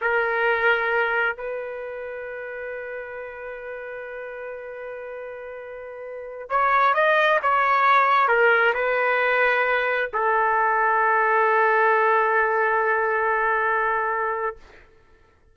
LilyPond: \new Staff \with { instrumentName = "trumpet" } { \time 4/4 \tempo 4 = 132 ais'2. b'4~ | b'1~ | b'1~ | b'2~ b'16 cis''4 dis''8.~ |
dis''16 cis''2 ais'4 b'8.~ | b'2~ b'16 a'4.~ a'16~ | a'1~ | a'1 | }